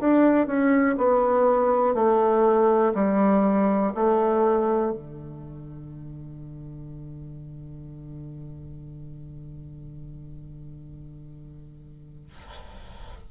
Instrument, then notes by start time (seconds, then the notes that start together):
bassoon
0.00 D4
0.47 C#4
0.97 B3
1.94 A3
2.94 G3
3.95 A3
4.92 D3